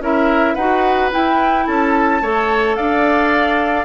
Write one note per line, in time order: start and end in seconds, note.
0.00 0.55 C#4
0.00 0.57 E4
0.00 0.55 A#4
0.00 0.55 E5
0.55 1.11 D#4
0.55 1.11 F#4
0.55 1.65 B4
0.55 1.10 F#5
1.11 2.22 E4
1.11 1.68 E4
1.11 1.67 G5
1.67 2.22 C#4
1.67 2.22 A4
1.67 2.76 A5
2.22 2.77 A3
2.22 3.85 A4
2.22 2.77 C#5
2.76 3.85 D4
2.76 3.85 D5
2.76 3.85 F5